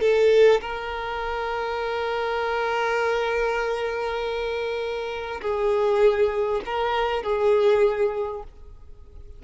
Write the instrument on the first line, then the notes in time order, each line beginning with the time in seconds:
violin
0.00 A4
0.61 A#4
5.41 G#4
6.65 A#4
7.23 G#4